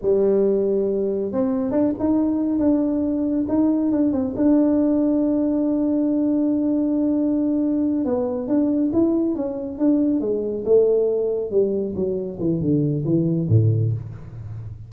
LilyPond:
\new Staff \with { instrumentName = "tuba" } { \time 4/4 \tempo 4 = 138 g2. c'4 | d'8 dis'4. d'2 | dis'4 d'8 c'8 d'2~ | d'1~ |
d'2~ d'8 b4 d'8~ | d'8 e'4 cis'4 d'4 gis8~ | gis8 a2 g4 fis8~ | fis8 e8 d4 e4 a,4 | }